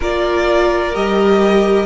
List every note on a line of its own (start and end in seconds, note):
0.00 0.95 A#3
0.00 0.93 F4
0.00 1.86 A#4
0.00 0.95 D5
0.93 1.86 G3
0.93 1.86 G4
0.93 1.86 D#5